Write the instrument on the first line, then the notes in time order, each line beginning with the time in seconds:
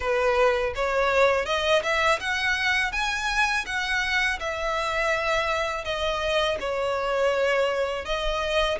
violin
0.00 B4
0.75 C#5
1.45 D#5
1.82 E5
2.20 F#5
2.91 G#5
3.66 F#5
4.39 E5
5.84 D#5
6.60 C#5
8.05 D#5